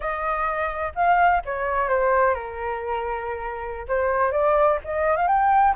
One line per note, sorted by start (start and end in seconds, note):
0.00 0.93 D#5
0.95 1.42 F5
1.45 1.89 C#5
1.89 2.34 C5
2.34 3.87 A#4
3.88 4.31 C5
4.31 4.78 D5
4.84 5.16 D#5
5.16 5.27 F5
5.27 5.74 G5